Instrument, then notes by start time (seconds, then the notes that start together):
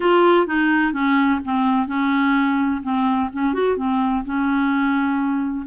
clarinet
0.00 F4
0.46 D#4
0.92 C#4
1.45 C4
1.87 C#4
2.82 C4
3.33 C#4
3.53 F#4
3.77 C4
4.24 C#4